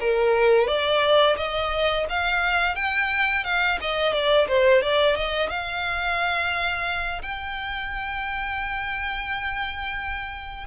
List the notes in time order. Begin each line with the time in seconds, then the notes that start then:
0.00 A#4
0.67 D5
1.37 D#5
2.09 F5
2.75 G5
3.44 F5
3.81 D#5
4.13 D5
4.48 C5
4.82 D5
5.16 D#5
5.49 F5
7.22 G5